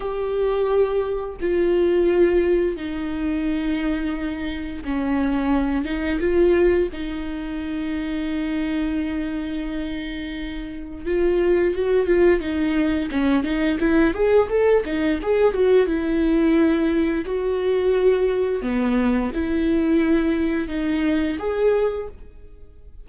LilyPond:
\new Staff \with { instrumentName = "viola" } { \time 4/4 \tempo 4 = 87 g'2 f'2 | dis'2. cis'4~ | cis'8 dis'8 f'4 dis'2~ | dis'1 |
f'4 fis'8 f'8 dis'4 cis'8 dis'8 | e'8 gis'8 a'8 dis'8 gis'8 fis'8 e'4~ | e'4 fis'2 b4 | e'2 dis'4 gis'4 | }